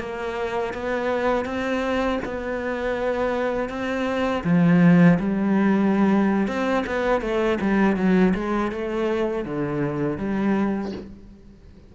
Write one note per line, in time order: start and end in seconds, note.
0.00 0.74 A#3
0.74 1.46 B3
1.46 2.20 C4
2.25 3.70 B3
3.70 4.44 C4
4.45 5.19 F3
5.20 6.48 G3
6.48 6.85 C4
6.87 7.22 B3
7.22 7.59 A3
7.61 7.97 G3
7.97 8.34 F#3
8.35 8.72 G#3
8.72 9.45 A3
9.45 10.18 D3
10.18 10.92 G3